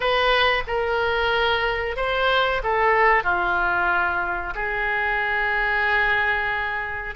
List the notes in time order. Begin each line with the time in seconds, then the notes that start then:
0.00 B4
0.67 A#4
1.96 C5
2.63 A4
3.23 F4
4.54 G#4